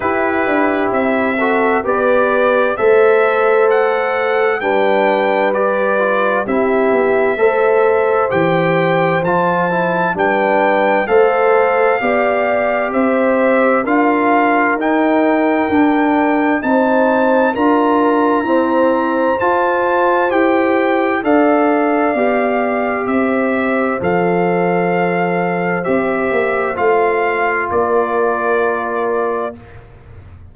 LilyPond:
<<
  \new Staff \with { instrumentName = "trumpet" } { \time 4/4 \tempo 4 = 65 b'4 e''4 d''4 e''4 | fis''4 g''4 d''4 e''4~ | e''4 g''4 a''4 g''4 | f''2 e''4 f''4 |
g''2 a''4 ais''4~ | ais''4 a''4 g''4 f''4~ | f''4 e''4 f''2 | e''4 f''4 d''2 | }
  \new Staff \with { instrumentName = "horn" } { \time 4/4 g'4. a'8 b'4 c''4~ | c''4 b'2 g'4 | c''2. b'4 | c''4 d''4 c''4 ais'4~ |
ais'2 c''4 ais'4 | c''2. d''4~ | d''4 c''2.~ | c''2 ais'2 | }
  \new Staff \with { instrumentName = "trombone" } { \time 4/4 e'4. fis'8 g'4 a'4~ | a'4 d'4 g'8 f'8 e'4 | a'4 g'4 f'8 e'8 d'4 | a'4 g'2 f'4 |
dis'4 d'4 dis'4 f'4 | c'4 f'4 g'4 a'4 | g'2 a'2 | g'4 f'2. | }
  \new Staff \with { instrumentName = "tuba" } { \time 4/4 e'8 d'8 c'4 b4 a4~ | a4 g2 c'8 b8 | a4 e4 f4 g4 | a4 b4 c'4 d'4 |
dis'4 d'4 c'4 d'4 | e'4 f'4 e'4 d'4 | b4 c'4 f2 | c'8 ais8 a4 ais2 | }
>>